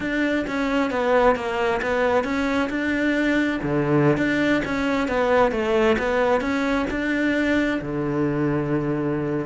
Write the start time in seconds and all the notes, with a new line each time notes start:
0.00 D4
0.47 C#4
0.90 B3
1.35 A#3
1.82 B3
2.24 C#4
2.69 D4
3.62 D3
4.17 D4
4.64 C#4
5.08 B3
5.51 A3
5.98 B3
6.40 C#4
6.90 D4
7.81 D3